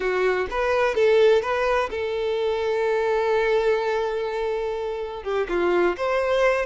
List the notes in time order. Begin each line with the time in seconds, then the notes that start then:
0.00 F#4
0.50 B4
0.94 A4
1.42 B4
1.90 A4
5.23 G4
5.48 F4
5.97 C5